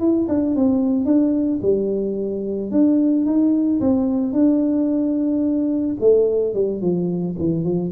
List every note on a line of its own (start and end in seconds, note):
0.00 0.27 E4
0.29 0.56 D4
0.56 1.06 C4
1.06 1.60 D4
1.63 2.71 G3
2.71 3.26 D4
3.26 3.81 D#4
3.81 4.33 C4
4.33 5.97 D4
6.00 6.54 A3
6.54 6.82 G3
6.82 7.36 F3
7.39 7.64 E3
7.64 7.92 F3